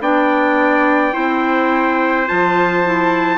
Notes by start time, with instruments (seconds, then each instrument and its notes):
0.00 bassoon B3, clarinet D4, trumpet D5 G5
1.12 bassoon C4, clarinet E4, trumpet C5
2.27 bassoon F3, clarinet F4, trumpet A5
2.84 clarinet E4